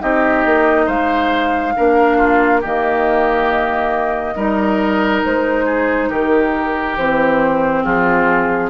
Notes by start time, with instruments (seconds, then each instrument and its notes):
0.00 bassoon C4, clarinet D#4, oboe G4, flute D#5
0.45 bassoon A#3
0.86 bassoon G#3, oboe C5, flute F5
1.75 bassoon A#3, clarinet D4, oboe A#4
2.17 oboe F4
2.60 bassoon D#3, clarinet A#3, oboe G4, flute D#5
4.36 bassoon G3, clarinet D#4, oboe A#4
5.24 bassoon G#3, flute C5
5.65 oboe G#4
6.09 bassoon D#3, oboe G4, flute A#4
6.97 bassoon E3, clarinet C4, flute C5
7.83 bassoon F3, oboe F4, flute G#4